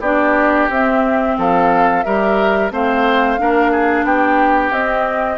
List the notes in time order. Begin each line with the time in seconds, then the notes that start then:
0.00 B3 D4 G4 D5
0.70 C4 E5
1.38 F3 A4 F5
2.04 G3 G4 A#4 E5
2.71 A3 C4 C5 F5
3.38 A#3 D4 A#4
3.72 G#4
4.04 B3 G4 G5
4.71 C4 D#5